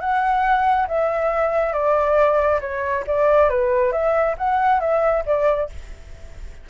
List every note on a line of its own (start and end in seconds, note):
0.00 0.87 F#5
0.88 1.73 E5
1.73 2.60 D5
2.60 3.04 C#5
3.07 3.49 D5
3.49 3.92 B4
3.92 4.35 E5
4.38 4.80 F#5
4.80 5.24 E5
5.26 5.69 D5